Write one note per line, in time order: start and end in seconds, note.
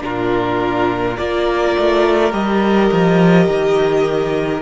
0.00 1.18 A#2
0.00 1.15 D4
0.00 1.18 F4
0.00 1.17 A#4
1.17 1.76 A#3
1.17 2.31 F4
1.17 4.62 A#4
1.17 2.32 D5
1.79 2.33 A3
2.31 2.90 G3
2.31 4.61 G4
2.31 4.62 D#5
2.92 3.47 F3
3.47 4.62 D#3